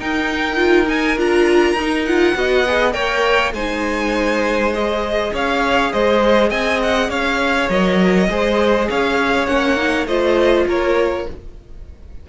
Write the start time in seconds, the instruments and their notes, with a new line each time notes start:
0.00 viola D#4, cello D#4, violin A#4 G5
0.57 viola F4
0.87 viola D#4, violin G#5
1.18 cello D4, viola F4, violin A#5
1.74 cello D#4
1.81 viola D#4
2.06 viola F4, violin F#5
2.35 cello B3, viola F#4, violin D#5
2.68 viola G#4
2.93 cello A#3, viola A#4, violin C#5 G5
3.54 cello G#3, viola D#4, violin C5 G#5
4.74 viola G#4, violin D#5
5.33 cello C#4, violin C#5 F5
5.93 cello G#3, violin C5 D#5
6.51 cello C4, violin D#5 G#5
6.83 violin F#5
7.10 cello C#4, violin C#5 F5
7.70 cello F#3, viola A#4, violin D#5
8.30 cello G#3, viola G#4, violin C5
8.90 cello C#4, violin C#5 F5
9.47 cello A#3, viola C#4, violin F#5
9.76 viola D#4
10.07 cello A3, viola F4, violin C5 D#5
10.67 cello A#3, violin A#4 C#5